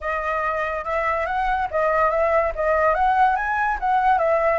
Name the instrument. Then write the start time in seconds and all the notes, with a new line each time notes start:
flute
0.00 D#5
0.84 E5
1.25 F#5
1.71 D#5
2.10 E5
2.55 D#5
2.94 F#5
3.36 G#5
3.80 F#5
4.18 E5